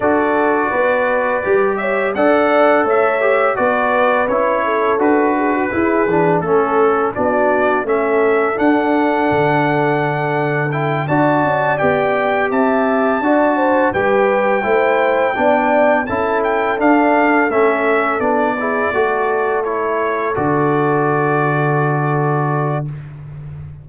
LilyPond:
<<
  \new Staff \with { instrumentName = "trumpet" } { \time 4/4 \tempo 4 = 84 d''2~ d''8 e''8 fis''4 | e''4 d''4 cis''4 b'4~ | b'4 a'4 d''4 e''4 | fis''2. g''8 a''8~ |
a''8 g''4 a''2 g''8~ | g''2~ g''8 a''8 g''8 f''8~ | f''8 e''4 d''2 cis''8~ | cis''8 d''2.~ d''8 | }
  \new Staff \with { instrumentName = "horn" } { \time 4/4 a'4 b'4. cis''8 d''4 | cis''4 b'4. a'4 gis'16 fis'16 | gis'4 a'4 fis'4 a'4~ | a'2.~ a'8 d''8~ |
d''4. e''4 d''8 c''8 b'8~ | b'8 c''4 d''4 a'4.~ | a'2 gis'8 a'4.~ | a'1 | }
  \new Staff \with { instrumentName = "trombone" } { \time 4/4 fis'2 g'4 a'4~ | a'8 g'8 fis'4 e'4 fis'4 | e'8 d'8 cis'4 d'4 cis'4 | d'2. e'8 fis'8~ |
fis'8 g'2 fis'4 g'8~ | g'8 e'4 d'4 e'4 d'8~ | d'8 cis'4 d'8 e'8 fis'4 e'8~ | e'8 fis'2.~ fis'8 | }
  \new Staff \with { instrumentName = "tuba" } { \time 4/4 d'4 b4 g4 d'4 | a4 b4 cis'4 d'4 | e'8 e8 a4 b4 a4 | d'4 d2~ d8 d'8 |
cis'8 b4 c'4 d'4 g8~ | g8 a4 b4 cis'4 d'8~ | d'8 a4 b4 a4.~ | a8 d2.~ d8 | }
>>